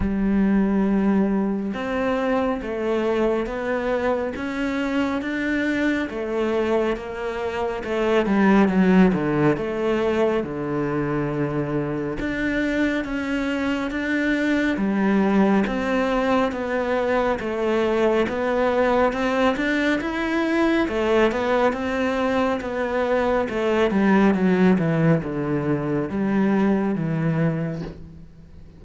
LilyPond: \new Staff \with { instrumentName = "cello" } { \time 4/4 \tempo 4 = 69 g2 c'4 a4 | b4 cis'4 d'4 a4 | ais4 a8 g8 fis8 d8 a4 | d2 d'4 cis'4 |
d'4 g4 c'4 b4 | a4 b4 c'8 d'8 e'4 | a8 b8 c'4 b4 a8 g8 | fis8 e8 d4 g4 e4 | }